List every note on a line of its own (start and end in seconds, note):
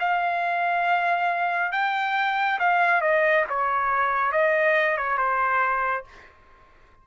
0.00 1.72 F5
1.72 2.59 G5
2.60 3.02 F5
3.02 3.45 D#5
3.50 4.33 C#5
4.33 4.98 D#5
4.98 5.18 C#5
5.18 6.05 C5